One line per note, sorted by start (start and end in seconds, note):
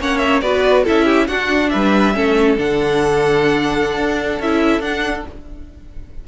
0.00 0.42 A#3
0.00 0.43 C#4
0.00 0.43 C#5
0.00 0.18 F#5
0.18 0.40 E5
0.41 0.85 B3
0.41 0.86 F#4
0.41 0.84 B4
0.41 0.84 D5
0.84 1.29 C#4
0.84 1.29 E4
0.84 1.05 A4
0.84 1.28 E5
1.06 1.27 G4
1.28 1.72 D4
1.28 2.14 D4
1.28 1.71 F#4
1.28 1.70 F#5
1.70 2.15 G3
1.70 2.16 B4
1.70 2.56 E5
2.14 2.58 A3
2.14 2.57 C#4
2.14 5.28 A4
2.58 3.98 D3
2.58 4.40 D4
2.58 4.41 F#5
3.98 4.40 D4
4.40 4.80 C#4
4.40 4.82 E4
4.40 4.82 E5
4.80 5.23 D4
4.80 5.25 D4
4.80 5.25 F#5